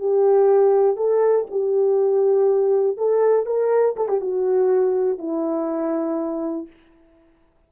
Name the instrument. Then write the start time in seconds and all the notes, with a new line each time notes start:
horn
0.00 G4
0.97 A4
1.51 G4
2.98 A4
3.46 A#4
3.96 A4
4.09 G4
4.21 F#4
5.18 E4